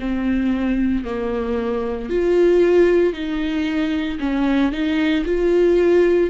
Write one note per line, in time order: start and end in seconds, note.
0.00 1.05 C4
1.05 2.10 A#3
2.10 3.14 F4
3.14 4.19 D#4
4.20 4.72 C#4
4.72 5.25 D#4
5.26 6.31 F4